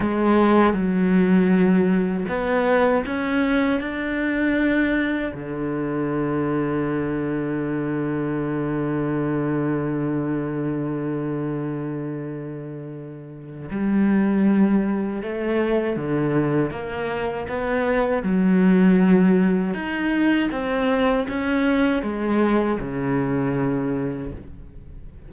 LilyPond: \new Staff \with { instrumentName = "cello" } { \time 4/4 \tempo 4 = 79 gis4 fis2 b4 | cis'4 d'2 d4~ | d1~ | d1~ |
d2 g2 | a4 d4 ais4 b4 | fis2 dis'4 c'4 | cis'4 gis4 cis2 | }